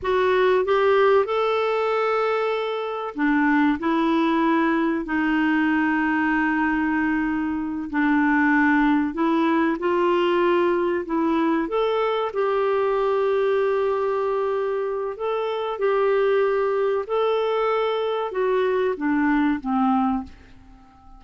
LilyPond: \new Staff \with { instrumentName = "clarinet" } { \time 4/4 \tempo 4 = 95 fis'4 g'4 a'2~ | a'4 d'4 e'2 | dis'1~ | dis'8 d'2 e'4 f'8~ |
f'4. e'4 a'4 g'8~ | g'1 | a'4 g'2 a'4~ | a'4 fis'4 d'4 c'4 | }